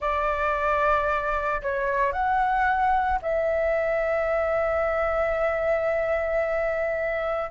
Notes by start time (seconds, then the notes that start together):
0.00 D5
1.61 C#5
2.12 F#5
3.21 E5